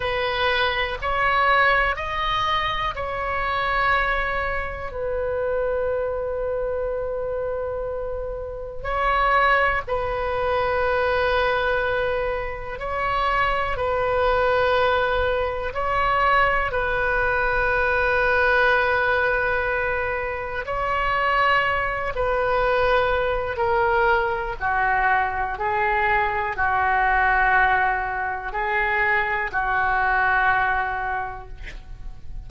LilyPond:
\new Staff \with { instrumentName = "oboe" } { \time 4/4 \tempo 4 = 61 b'4 cis''4 dis''4 cis''4~ | cis''4 b'2.~ | b'4 cis''4 b'2~ | b'4 cis''4 b'2 |
cis''4 b'2.~ | b'4 cis''4. b'4. | ais'4 fis'4 gis'4 fis'4~ | fis'4 gis'4 fis'2 | }